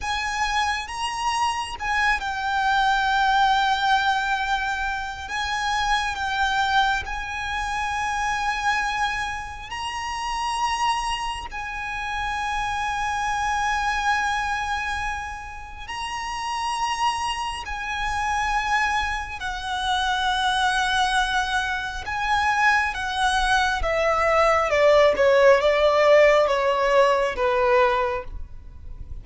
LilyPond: \new Staff \with { instrumentName = "violin" } { \time 4/4 \tempo 4 = 68 gis''4 ais''4 gis''8 g''4.~ | g''2 gis''4 g''4 | gis''2. ais''4~ | ais''4 gis''2.~ |
gis''2 ais''2 | gis''2 fis''2~ | fis''4 gis''4 fis''4 e''4 | d''8 cis''8 d''4 cis''4 b'4 | }